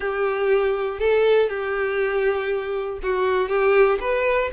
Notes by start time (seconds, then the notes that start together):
0.00 G4
0.99 A4
1.49 G4
3.02 F#4
3.48 G4
4.00 B4